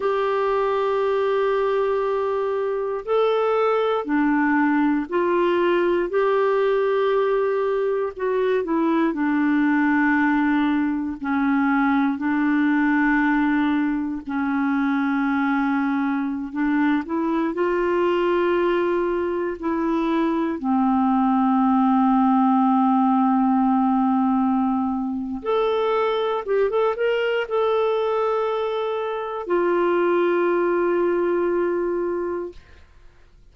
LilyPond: \new Staff \with { instrumentName = "clarinet" } { \time 4/4 \tempo 4 = 59 g'2. a'4 | d'4 f'4 g'2 | fis'8 e'8 d'2 cis'4 | d'2 cis'2~ |
cis'16 d'8 e'8 f'2 e'8.~ | e'16 c'2.~ c'8.~ | c'4 a'4 g'16 a'16 ais'8 a'4~ | a'4 f'2. | }